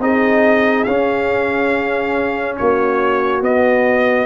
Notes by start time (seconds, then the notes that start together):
0.00 C4 D#4 G#4 D#5
0.84 C#4 F5
2.57 A#3 F#4 C#5
3.42 B3 D#5